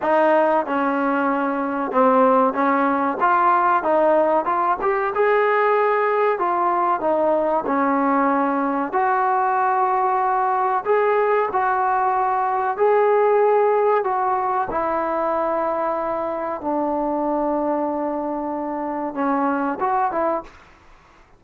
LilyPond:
\new Staff \with { instrumentName = "trombone" } { \time 4/4 \tempo 4 = 94 dis'4 cis'2 c'4 | cis'4 f'4 dis'4 f'8 g'8 | gis'2 f'4 dis'4 | cis'2 fis'2~ |
fis'4 gis'4 fis'2 | gis'2 fis'4 e'4~ | e'2 d'2~ | d'2 cis'4 fis'8 e'8 | }